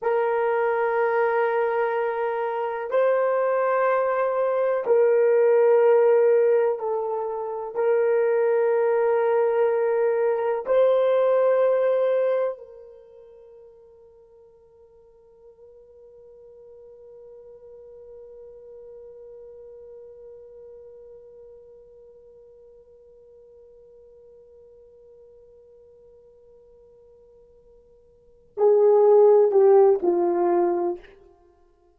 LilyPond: \new Staff \with { instrumentName = "horn" } { \time 4/4 \tempo 4 = 62 ais'2. c''4~ | c''4 ais'2 a'4 | ais'2. c''4~ | c''4 ais'2.~ |
ais'1~ | ais'1~ | ais'1~ | ais'4. gis'4 g'8 f'4 | }